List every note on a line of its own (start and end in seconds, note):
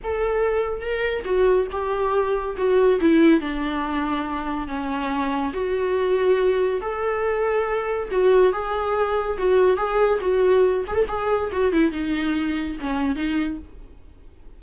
0.03 0.80 A4
0.80 1.23 A#4
1.24 1.67 F#4
1.71 2.56 G4
2.57 2.99 F#4
3.00 3.40 E4
3.40 4.67 D4
4.67 5.52 C#4
5.53 6.81 F#4
6.81 8.09 A4
8.11 8.52 F#4
8.52 9.37 G#4
9.38 9.76 F#4
9.76 10.19 G#4
10.20 10.84 F#4
10.87 10.94 G#4
10.94 11.05 A4
11.08 11.50 G#4
11.52 11.72 F#4
11.72 11.91 E4
11.91 12.76 D#4
12.80 13.15 C#4
13.15 13.58 D#4